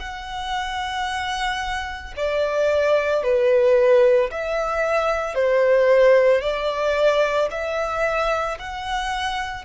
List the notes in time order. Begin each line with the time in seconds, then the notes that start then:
0.00 F#5
2.17 D5
3.23 B4
4.31 E5
5.35 C5
6.41 D5
7.51 E5
8.59 F#5